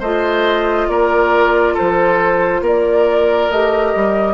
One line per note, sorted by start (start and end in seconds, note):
0.00 0.88 A3
0.00 3.51 F4
0.00 0.87 C5
0.00 0.89 D#5
0.88 1.75 A#3
0.88 1.74 A#4
0.88 1.76 D5
1.74 2.61 A4
1.74 2.65 C5
1.80 2.61 F3
2.61 3.48 A#3
2.61 4.34 A#4
2.61 3.51 D5
3.51 3.94 A3
3.51 4.34 G4
3.51 4.34 D#5
3.95 4.34 G3